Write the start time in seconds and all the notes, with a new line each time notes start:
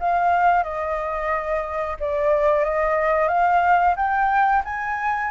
0.00 F5
0.64 D#5
2.00 D5
2.65 D#5
3.28 F5
3.97 G5
4.65 G#5